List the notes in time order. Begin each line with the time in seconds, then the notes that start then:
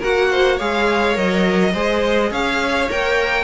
0.00 A#3 F#4 A#4 F#5
0.32 C5
0.57 G#3 G#4 C#5 F5
1.15 F#3 A#4 D#5
1.74 G#3 G#4 C5
2.31 C#4 C#5 F5
2.90 A#3 A#4 G5